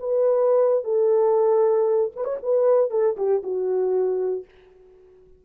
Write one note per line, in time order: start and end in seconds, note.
0.00 0.84 B4
0.84 2.11 A4
2.16 2.24 B4
2.24 2.37 C#5
2.42 2.91 B4
2.91 3.16 A4
3.17 3.43 G4
3.43 4.45 F#4